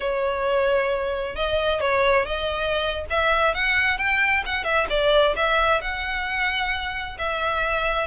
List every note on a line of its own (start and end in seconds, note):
0.00 1.35 C#5
1.35 1.80 D#5
1.80 2.25 C#5
2.25 3.05 D#5
3.10 3.54 E5
3.54 3.98 F#5
3.98 4.43 G5
4.45 4.64 F#5
4.64 4.86 E5
4.89 5.35 D5
5.35 5.81 E5
5.81 7.17 F#5
7.18 8.07 E5